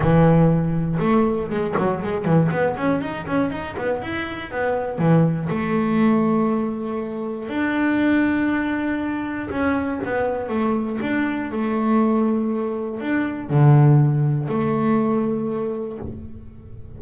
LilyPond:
\new Staff \with { instrumentName = "double bass" } { \time 4/4 \tempo 4 = 120 e2 a4 gis8 fis8 | gis8 e8 b8 cis'8 dis'8 cis'8 dis'8 b8 | e'4 b4 e4 a4~ | a2. d'4~ |
d'2. cis'4 | b4 a4 d'4 a4~ | a2 d'4 d4~ | d4 a2. | }